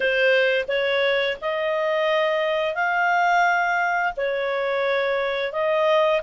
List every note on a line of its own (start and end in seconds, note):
0.00 0.65 C5
0.68 1.37 C#5
1.41 2.75 D#5
2.75 4.13 F5
4.16 5.52 C#5
5.52 6.21 D#5